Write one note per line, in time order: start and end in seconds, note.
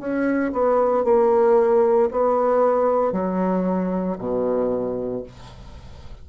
0.00 0.53 C#4
0.53 1.05 B3
1.05 2.10 A#3
2.11 3.13 B3
3.13 4.18 F#3
4.19 5.24 B2